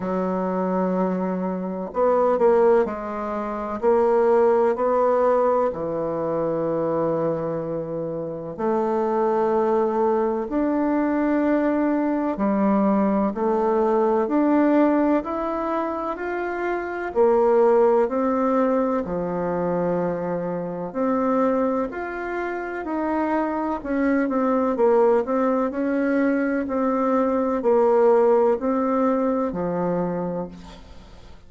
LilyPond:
\new Staff \with { instrumentName = "bassoon" } { \time 4/4 \tempo 4 = 63 fis2 b8 ais8 gis4 | ais4 b4 e2~ | e4 a2 d'4~ | d'4 g4 a4 d'4 |
e'4 f'4 ais4 c'4 | f2 c'4 f'4 | dis'4 cis'8 c'8 ais8 c'8 cis'4 | c'4 ais4 c'4 f4 | }